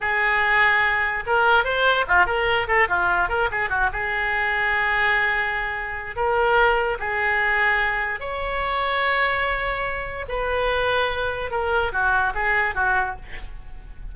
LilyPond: \new Staff \with { instrumentName = "oboe" } { \time 4/4 \tempo 4 = 146 gis'2. ais'4 | c''4 f'8 ais'4 a'8 f'4 | ais'8 gis'8 fis'8 gis'2~ gis'8~ | gis'2. ais'4~ |
ais'4 gis'2. | cis''1~ | cis''4 b'2. | ais'4 fis'4 gis'4 fis'4 | }